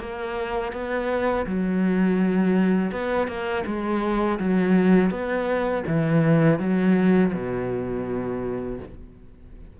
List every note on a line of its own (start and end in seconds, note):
0.00 0.72 A#3
0.72 1.45 B3
1.46 2.92 F#3
2.92 3.27 B3
3.27 3.64 A#3
3.66 4.39 G#3
4.39 5.10 F#3
5.10 5.83 B3
5.87 6.59 E3
6.59 7.32 F#3
7.33 8.79 B2